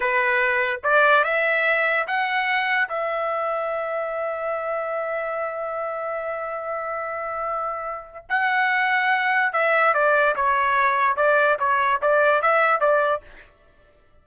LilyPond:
\new Staff \with { instrumentName = "trumpet" } { \time 4/4 \tempo 4 = 145 b'2 d''4 e''4~ | e''4 fis''2 e''4~ | e''1~ | e''1~ |
e''1 | fis''2. e''4 | d''4 cis''2 d''4 | cis''4 d''4 e''4 d''4 | }